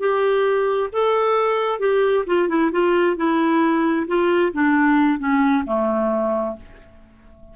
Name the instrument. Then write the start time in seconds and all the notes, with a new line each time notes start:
clarinet
0.00 G4
0.93 A4
1.80 G4
2.27 F4
2.49 E4
2.72 F4
3.17 E4
4.08 F4
4.53 D4
5.19 C#4
5.66 A3